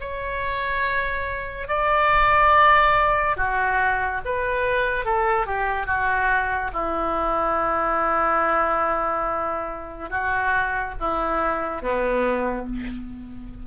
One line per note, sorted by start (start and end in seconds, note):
0.00 1.67 C#5
1.67 3.36 D5
3.36 4.21 F#4
4.25 5.05 B4
5.05 5.46 A4
5.46 5.86 G4
5.86 6.71 F#4
6.73 10.09 E4
10.09 10.94 F#4
10.99 11.81 E4
11.81 12.66 B3